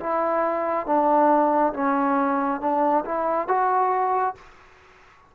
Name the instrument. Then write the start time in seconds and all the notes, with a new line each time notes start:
trombone
0.00 E4
0.86 D4
1.74 C#4
2.60 D4
3.05 E4
3.48 F#4